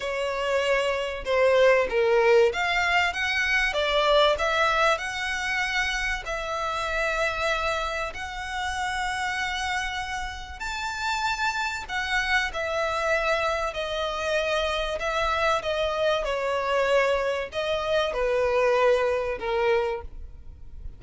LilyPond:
\new Staff \with { instrumentName = "violin" } { \time 4/4 \tempo 4 = 96 cis''2 c''4 ais'4 | f''4 fis''4 d''4 e''4 | fis''2 e''2~ | e''4 fis''2.~ |
fis''4 a''2 fis''4 | e''2 dis''2 | e''4 dis''4 cis''2 | dis''4 b'2 ais'4 | }